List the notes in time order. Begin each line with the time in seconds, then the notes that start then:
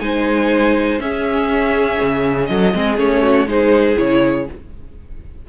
0.00 G#3 D#4 C5 G#5
0.99 C#4 G#4 E5
2.01 C#3
2.46 F#3 A4 D#5
2.74 G#3 C4 G#4
2.97 A3 C#4 C#5
3.22 F#4
3.47 G#3 D#4 G#4 C5
3.95 C#3 E4 C#5